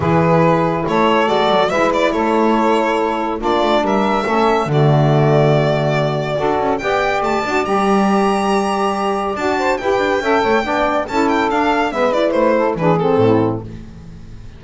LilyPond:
<<
  \new Staff \with { instrumentName = "violin" } { \time 4/4 \tempo 4 = 141 b'2 cis''4 d''4 | e''8 d''8 cis''2. | d''4 e''2 d''4~ | d''1 |
g''4 a''4 ais''2~ | ais''2 a''4 g''4~ | g''2 a''8 g''8 f''4 | e''8 d''8 c''4 b'8 a'4. | }
  \new Staff \with { instrumentName = "saxophone" } { \time 4/4 gis'2 a'2 | b'4 a'2. | f'4 ais'4 a'4 fis'4~ | fis'2. a'4 |
d''1~ | d''2~ d''8 c''8 b'4 | e''8 cis''8 d''4 a'2 | b'4. a'8 gis'4 e'4 | }
  \new Staff \with { instrumentName = "saxophone" } { \time 4/4 e'2. fis'4 | e'1 | d'2 cis'4 a4~ | a2. fis'4 |
g'4. fis'8 g'2~ | g'2 fis'4 g'4 | a'4 d'4 e'4 d'4 | b8 e'4. d'8 c'4. | }
  \new Staff \with { instrumentName = "double bass" } { \time 4/4 e2 a4 gis8 fis8 | gis4 a2. | ais8 a8 g4 a4 d4~ | d2. d'8 cis'8 |
b4 a8 d'8 g2~ | g2 d'4 e'8 d'8 | cis'8 a8 b4 cis'4 d'4 | gis4 a4 e4 a,4 | }
>>